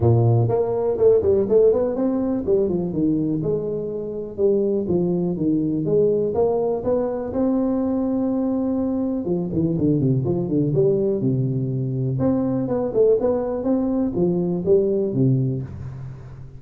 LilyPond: \new Staff \with { instrumentName = "tuba" } { \time 4/4 \tempo 4 = 123 ais,4 ais4 a8 g8 a8 b8 | c'4 g8 f8 dis4 gis4~ | gis4 g4 f4 dis4 | gis4 ais4 b4 c'4~ |
c'2. f8 e8 | d8 c8 f8 d8 g4 c4~ | c4 c'4 b8 a8 b4 | c'4 f4 g4 c4 | }